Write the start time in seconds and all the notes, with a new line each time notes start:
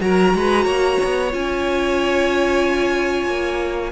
0.00 F#3 F#4 A#4 A#5
0.34 G#3 B4
0.65 A#3 C#5
1.04 B3
1.31 C#4 F4 G#5
3.27 A#3